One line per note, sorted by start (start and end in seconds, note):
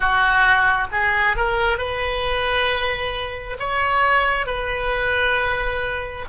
0.00 0.87 F#4
0.91 1.36 G#4
1.36 1.77 A#4
1.77 3.57 B4
3.59 4.46 C#5
4.46 6.25 B4